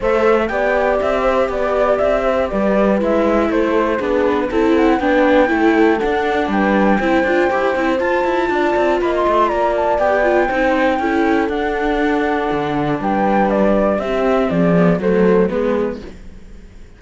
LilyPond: <<
  \new Staff \with { instrumentName = "flute" } { \time 4/4 \tempo 4 = 120 e''4 g''4 e''4 d''4 | e''4 d''4 e''4 c''4 | b'4 a'8 fis''8 g''2 | fis''4 g''2. |
a''2 b''16 c'''8. ais''8 a''8 | g''2. fis''4~ | fis''2 g''4 d''4 | e''4 d''4 c''4 b'4 | }
  \new Staff \with { instrumentName = "horn" } { \time 4/4 c''4 d''4. c''8 b'8 d''8~ | d''8 c''8 b'2 a'4 | gis'4 a'4 b'4 a'4~ | a'4 b'4 c''2~ |
c''4 d''4 dis''4 d''4~ | d''4 c''4 a'2~ | a'2 b'2 | g'4 gis'4 a'4 gis'4 | }
  \new Staff \with { instrumentName = "viola" } { \time 4/4 a'4 g'2.~ | g'2 e'2 | d'4 e'4 d'4 e'4 | d'2 e'8 f'8 g'8 e'8 |
f'1 | g'8 f'8 dis'4 e'4 d'4~ | d'1 | c'4. b8 a4 b4 | }
  \new Staff \with { instrumentName = "cello" } { \time 4/4 a4 b4 c'4 b4 | c'4 g4 gis4 a4 | b4 c'4 b4 a4 | d'4 g4 c'8 d'8 e'8 c'8 |
f'8 e'8 d'8 c'8 ais8 a8 ais4 | b4 c'4 cis'4 d'4~ | d'4 d4 g2 | c'4 f4 fis4 gis4 | }
>>